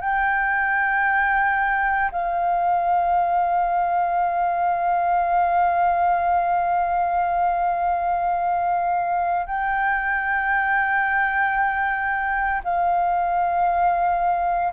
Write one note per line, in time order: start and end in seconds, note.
0.00 2.11 G5
2.11 9.46 F5
9.46 12.62 G5
12.64 14.72 F5